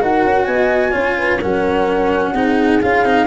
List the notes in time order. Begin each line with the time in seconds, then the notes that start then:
0.00 D#4 F#4 A#4 F#5
0.25 C#4
0.45 B3 D#5 G#5
0.92 C#4 F4 C#5
1.18 B4
1.39 F#3 C#4 A#4 F#5
2.34 C4 D#4 G#4
2.82 C#4 F4 F5
3.04 C4 D#4